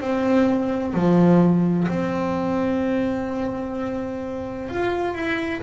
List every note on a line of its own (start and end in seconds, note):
0.00 0.94 C4
0.94 1.87 F3
1.87 4.68 C4
4.68 5.14 F4
5.14 5.61 E4